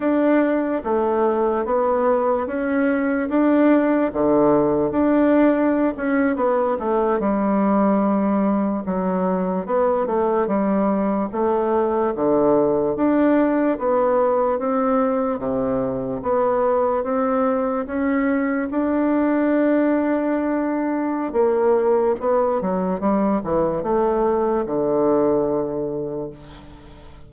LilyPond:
\new Staff \with { instrumentName = "bassoon" } { \time 4/4 \tempo 4 = 73 d'4 a4 b4 cis'4 | d'4 d4 d'4~ d'16 cis'8 b16~ | b16 a8 g2 fis4 b16~ | b16 a8 g4 a4 d4 d'16~ |
d'8. b4 c'4 c4 b16~ | b8. c'4 cis'4 d'4~ d'16~ | d'2 ais4 b8 fis8 | g8 e8 a4 d2 | }